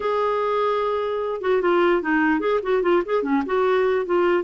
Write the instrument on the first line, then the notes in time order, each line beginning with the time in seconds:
clarinet
0.00 G#4
1.41 F#4
1.61 F4
2.01 D#4
2.39 G#4
2.62 F#4
2.82 F4
3.05 G#4
3.22 C#4
3.46 F#4
4.05 F4